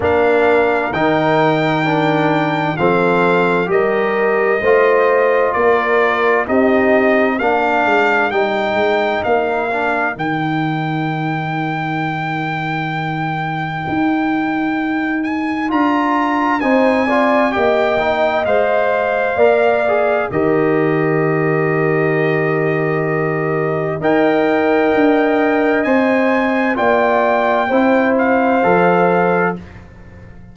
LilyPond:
<<
  \new Staff \with { instrumentName = "trumpet" } { \time 4/4 \tempo 4 = 65 f''4 g''2 f''4 | dis''2 d''4 dis''4 | f''4 g''4 f''4 g''4~ | g''1~ |
g''8 gis''8 ais''4 gis''4 g''4 | f''2 dis''2~ | dis''2 g''2 | gis''4 g''4. f''4. | }
  \new Staff \with { instrumentName = "horn" } { \time 4/4 ais'2. a'4 | ais'4 c''4 ais'4 g'4 | ais'1~ | ais'1~ |
ais'2 c''8 d''8 dis''4~ | dis''4 d''4 ais'2~ | ais'2 dis''2~ | dis''4 d''4 c''2 | }
  \new Staff \with { instrumentName = "trombone" } { \time 4/4 d'4 dis'4 d'4 c'4 | g'4 f'2 dis'4 | d'4 dis'4. d'8 dis'4~ | dis'1~ |
dis'4 f'4 dis'8 f'8 g'8 dis'8 | c''4 ais'8 gis'8 g'2~ | g'2 ais'2 | c''4 f'4 e'4 a'4 | }
  \new Staff \with { instrumentName = "tuba" } { \time 4/4 ais4 dis2 f4 | g4 a4 ais4 c'4 | ais8 gis8 g8 gis8 ais4 dis4~ | dis2. dis'4~ |
dis'4 d'4 c'4 ais4 | gis4 ais4 dis2~ | dis2 dis'4 d'4 | c'4 ais4 c'4 f4 | }
>>